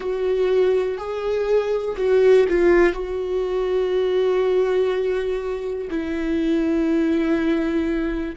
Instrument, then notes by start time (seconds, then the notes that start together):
viola
0.00 F#4
0.97 G#4
1.97 F#4
2.49 F4
2.92 F#4
5.90 E4